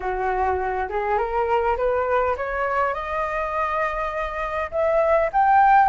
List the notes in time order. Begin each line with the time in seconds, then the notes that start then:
0.00 F#4
0.89 G#4
1.17 A#4
1.77 B4
2.37 C#5
2.94 D#5
4.71 E5
5.32 G5